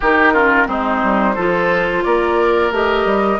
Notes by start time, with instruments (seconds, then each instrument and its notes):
0.00 bassoon D#3, clarinet D#4, oboe G4, flute A#4
0.33 clarinet C#4, oboe F4
0.66 bassoon G#3, clarinet C4, oboe D#4, flute C5
1.02 bassoon G3
1.35 bassoon F3, clarinet F4, oboe A4
2.03 bassoon A#3, oboe A#4, flute D5
2.71 bassoon A3, clarinet G4, flute D#5
3.05 bassoon G3